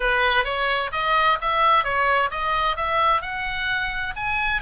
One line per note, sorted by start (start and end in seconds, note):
0.00 0.44 B4
0.44 0.90 C#5
0.91 1.38 D#5
1.41 1.84 E5
1.84 2.30 C#5
2.30 2.76 D#5
2.76 3.21 E5
3.21 4.13 F#5
4.16 4.61 G#5